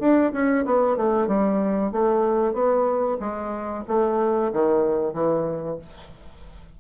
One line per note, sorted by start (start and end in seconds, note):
0.00 0.32 D4
0.33 0.65 C#4
0.65 0.97 B3
0.97 1.27 A3
1.27 1.92 G3
1.92 2.54 A3
2.54 3.18 B3
3.20 3.84 G#3
3.88 4.52 A3
4.53 5.13 D#3
5.13 5.78 E3